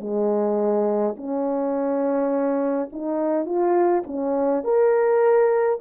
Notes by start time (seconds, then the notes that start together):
0.00 G#3
1.17 C#4
2.93 D#4
3.46 F4
4.07 C#4
4.64 A#4